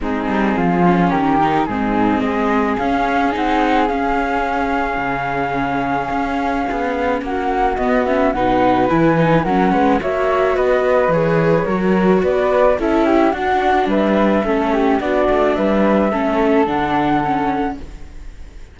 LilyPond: <<
  \new Staff \with { instrumentName = "flute" } { \time 4/4 \tempo 4 = 108 gis'2 ais'4 gis'4 | dis''4 f''4 fis''4 f''4~ | f''1~ | f''4 fis''4 dis''8 e''8 fis''4 |
gis''4 fis''4 e''4 dis''4 | cis''2 d''4 e''4 | fis''4 e''2 d''4 | e''2 fis''2 | }
  \new Staff \with { instrumentName = "flute" } { \time 4/4 dis'4 f'4 g'4 dis'4 | gis'1~ | gis'1~ | gis'4 fis'2 b'4~ |
b'4 ais'8 b'8 cis''4 b'4~ | b'4 ais'4 b'4 a'8 g'8 | fis'4 b'4 a'8 g'8 fis'4 | b'4 a'2. | }
  \new Staff \with { instrumentName = "viola" } { \time 4/4 c'4. cis'4 dis'8 c'4~ | c'4 cis'4 dis'4 cis'4~ | cis'1~ | cis'2 b8 cis'8 dis'4 |
e'8 dis'8 cis'4 fis'2 | gis'4 fis'2 e'4 | d'2 cis'4 d'4~ | d'4 cis'4 d'4 cis'4 | }
  \new Staff \with { instrumentName = "cello" } { \time 4/4 gis8 g8 f4 dis4 gis,4 | gis4 cis'4 c'4 cis'4~ | cis'4 cis2 cis'4 | b4 ais4 b4 b,4 |
e4 fis8 gis8 ais4 b4 | e4 fis4 b4 cis'4 | d'4 g4 a4 b8 a8 | g4 a4 d2 | }
>>